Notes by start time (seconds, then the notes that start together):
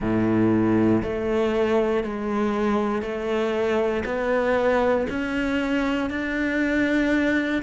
0.00 A2
1.03 A3
2.03 G#3
3.01 A3
4.05 B3
5.09 C#4
6.10 D4